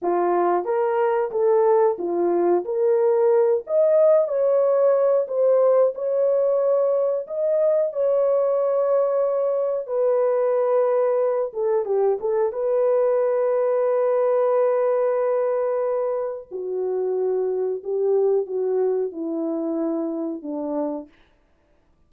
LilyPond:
\new Staff \with { instrumentName = "horn" } { \time 4/4 \tempo 4 = 91 f'4 ais'4 a'4 f'4 | ais'4. dis''4 cis''4. | c''4 cis''2 dis''4 | cis''2. b'4~ |
b'4. a'8 g'8 a'8 b'4~ | b'1~ | b'4 fis'2 g'4 | fis'4 e'2 d'4 | }